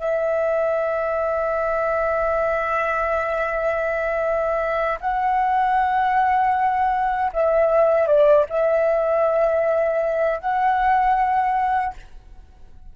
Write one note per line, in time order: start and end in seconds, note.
0.00 5.00 E5
5.01 7.32 F#5
7.33 8.08 E5
8.08 8.46 D5
8.50 10.40 E5
10.40 11.94 F#5